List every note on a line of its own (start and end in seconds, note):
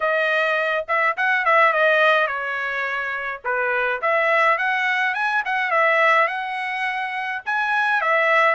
0.00 0.85 D#5
0.88 1.16 E5
1.16 1.45 F#5
1.45 1.72 E5
1.72 2.27 D#5
2.27 3.41 C#5
3.44 4.01 B4
4.01 4.57 E5
4.57 5.14 F#5
5.14 5.43 G#5
5.45 5.70 F#5
5.70 6.27 E5
6.27 7.42 F#5
7.45 8.01 G#5
8.01 8.54 E5